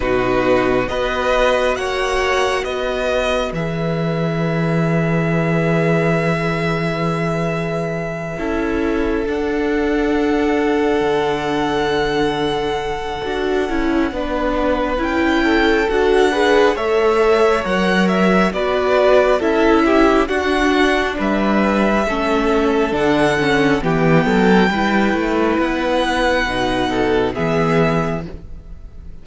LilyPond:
<<
  \new Staff \with { instrumentName = "violin" } { \time 4/4 \tempo 4 = 68 b'4 dis''4 fis''4 dis''4 | e''1~ | e''2~ e''8 fis''4.~ | fis''1~ |
fis''4 g''4 fis''4 e''4 | fis''8 e''8 d''4 e''4 fis''4 | e''2 fis''4 g''4~ | g''4 fis''2 e''4 | }
  \new Staff \with { instrumentName = "violin" } { \time 4/4 fis'4 b'4 cis''4 b'4~ | b'1~ | b'4. a'2~ a'8~ | a'1 |
b'4. a'4 b'8 cis''4~ | cis''4 b'4 a'8 g'8 fis'4 | b'4 a'2 g'8 a'8 | b'2~ b'8 a'8 gis'4 | }
  \new Staff \with { instrumentName = "viola" } { \time 4/4 dis'4 fis'2. | gis'1~ | gis'4. e'4 d'4.~ | d'2. fis'8 e'8 |
d'4 e'4 fis'8 gis'8 a'4 | ais'4 fis'4 e'4 d'4~ | d'4 cis'4 d'8 cis'8 b4 | e'2 dis'4 b4 | }
  \new Staff \with { instrumentName = "cello" } { \time 4/4 b,4 b4 ais4 b4 | e1~ | e4. cis'4 d'4.~ | d'8 d2~ d8 d'8 cis'8 |
b4 cis'4 d'4 a4 | fis4 b4 cis'4 d'4 | g4 a4 d4 e8 fis8 | g8 a8 b4 b,4 e4 | }
>>